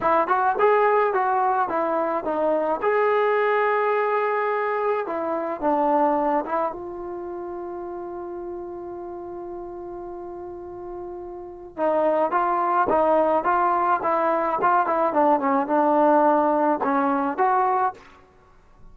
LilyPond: \new Staff \with { instrumentName = "trombone" } { \time 4/4 \tempo 4 = 107 e'8 fis'8 gis'4 fis'4 e'4 | dis'4 gis'2.~ | gis'4 e'4 d'4. e'8 | f'1~ |
f'1~ | f'4 dis'4 f'4 dis'4 | f'4 e'4 f'8 e'8 d'8 cis'8 | d'2 cis'4 fis'4 | }